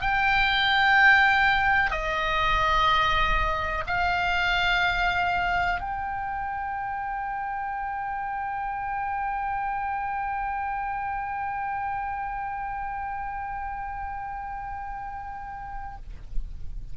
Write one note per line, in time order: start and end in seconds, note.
0.00 1.90 G5
1.90 3.84 D#5
3.87 5.80 F5
5.80 15.96 G5